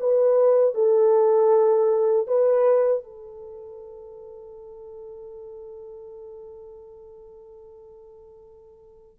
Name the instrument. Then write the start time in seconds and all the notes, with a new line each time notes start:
horn
0.00 B4
0.74 A4
2.27 B4
3.04 A4